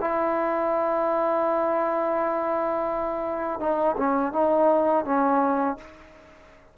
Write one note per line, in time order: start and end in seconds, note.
0.00 3.59 E4
3.59 3.96 D#4
3.97 4.32 C#4
4.32 5.05 D#4
5.05 5.77 C#4